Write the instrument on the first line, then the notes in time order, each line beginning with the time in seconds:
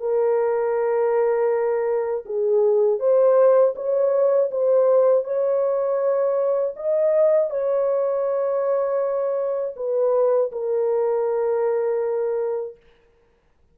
horn
0.00 A#4
2.26 G#4
3.00 C5
3.76 C#5
4.51 C5
5.24 C#5
6.77 D#5
7.50 C#5
9.76 B4
10.52 A#4